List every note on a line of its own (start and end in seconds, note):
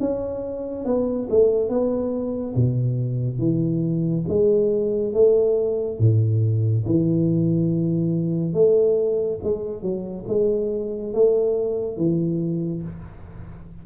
0.00 0.85 C#4
0.85 1.28 B3
1.30 1.69 A3
1.69 2.55 B3
2.56 3.39 B2
3.39 4.25 E3
4.28 5.14 G#3
5.14 5.99 A3
5.99 6.85 A2
6.86 8.54 E3
8.54 9.39 A3
9.44 9.83 G#3
9.83 10.25 F#3
10.28 11.14 G#3
11.14 11.97 A3
11.97 12.83 E3